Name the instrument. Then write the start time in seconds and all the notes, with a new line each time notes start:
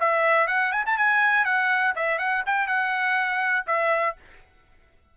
trumpet
0.00 E5
0.47 F#5
0.72 G#5
0.86 A5
0.97 G#5
1.45 F#5
1.95 E5
2.18 F#5
2.46 G5
2.67 F#5
3.67 E5